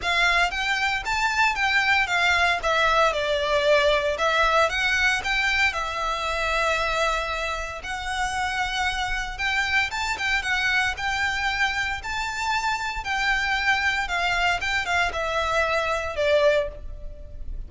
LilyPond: \new Staff \with { instrumentName = "violin" } { \time 4/4 \tempo 4 = 115 f''4 g''4 a''4 g''4 | f''4 e''4 d''2 | e''4 fis''4 g''4 e''4~ | e''2. fis''4~ |
fis''2 g''4 a''8 g''8 | fis''4 g''2 a''4~ | a''4 g''2 f''4 | g''8 f''8 e''2 d''4 | }